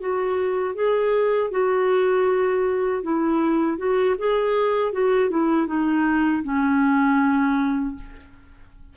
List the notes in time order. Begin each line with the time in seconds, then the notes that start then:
0.00 F#4
0.75 G#4
1.51 F#4
3.03 E4
3.78 F#4
4.18 G#4
4.93 F#4
5.30 E4
5.67 D#4
6.43 C#4